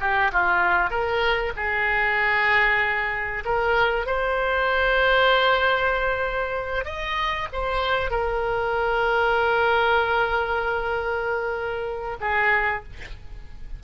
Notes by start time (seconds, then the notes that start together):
0.00 G4
0.32 F4
0.90 A#4
1.56 G#4
3.45 A#4
4.06 C5
6.85 D#5
7.52 C5
8.11 A#4
12.20 G#4